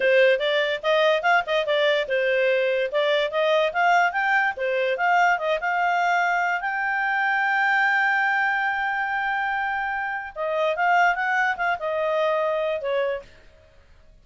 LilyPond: \new Staff \with { instrumentName = "clarinet" } { \time 4/4 \tempo 4 = 145 c''4 d''4 dis''4 f''8 dis''8 | d''4 c''2 d''4 | dis''4 f''4 g''4 c''4 | f''4 dis''8 f''2~ f''8 |
g''1~ | g''1~ | g''4 dis''4 f''4 fis''4 | f''8 dis''2~ dis''8 cis''4 | }